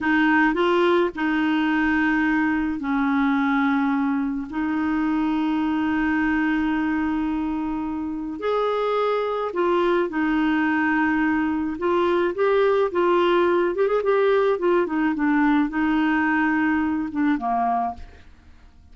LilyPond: \new Staff \with { instrumentName = "clarinet" } { \time 4/4 \tempo 4 = 107 dis'4 f'4 dis'2~ | dis'4 cis'2. | dis'1~ | dis'2. gis'4~ |
gis'4 f'4 dis'2~ | dis'4 f'4 g'4 f'4~ | f'8 g'16 gis'16 g'4 f'8 dis'8 d'4 | dis'2~ dis'8 d'8 ais4 | }